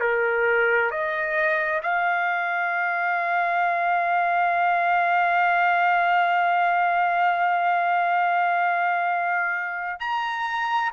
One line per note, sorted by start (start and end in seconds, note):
0.00 0.90 A#4
0.90 1.81 D#5
1.82 10.00 F5
10.00 10.90 A#5